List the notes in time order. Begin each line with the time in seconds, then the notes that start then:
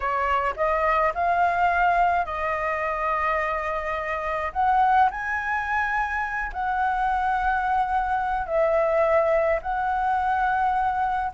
0.00 C#5
0.56 D#5
1.14 F5
2.25 D#5
4.53 F#5
5.10 G#5
6.52 F#5
8.46 E5
9.62 F#5